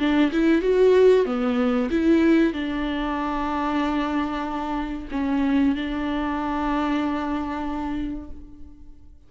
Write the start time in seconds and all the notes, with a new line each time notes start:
0.00 D4
0.33 E4
0.62 F#4
1.26 B3
1.91 E4
2.54 D4
5.12 C#4
5.76 D4